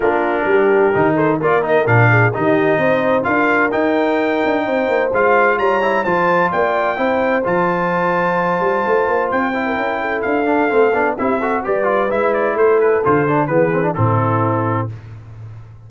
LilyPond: <<
  \new Staff \with { instrumentName = "trumpet" } { \time 4/4 \tempo 4 = 129 ais'2~ ais'8 c''8 d''8 dis''8 | f''4 dis''2 f''4 | g''2. f''4 | ais''4 a''4 g''2 |
a''1 | g''2 f''2 | e''4 d''4 e''8 d''8 c''8 b'8 | c''4 b'4 a'2 | }
  \new Staff \with { instrumentName = "horn" } { \time 4/4 f'4 g'4. a'8 ais'4~ | ais'8 gis'8 g'4 c''4 ais'4~ | ais'2 c''2 | cis''4 c''4 d''4 c''4~ |
c''1~ | c''8. ais'8. a'2~ a'8 | g'8 a'8 b'2 a'4~ | a'4 gis'4 e'2 | }
  \new Staff \with { instrumentName = "trombone" } { \time 4/4 d'2 dis'4 f'8 dis'8 | d'4 dis'2 f'4 | dis'2. f'4~ | f'8 e'8 f'2 e'4 |
f'1~ | f'8 e'2 d'8 c'8 d'8 | e'8 fis'8 g'8 f'8 e'2 | f'8 d'8 b8 c'16 d'16 c'2 | }
  \new Staff \with { instrumentName = "tuba" } { \time 4/4 ais4 g4 dis4 ais4 | ais,4 dis4 c'4 d'4 | dis'4. d'8 c'8 ais8 gis4 | g4 f4 ais4 c'4 |
f2~ f8 g8 a8 ais8 | c'4 cis'4 d'4 a8 b8 | c'4 g4 gis4 a4 | d4 e4 a,2 | }
>>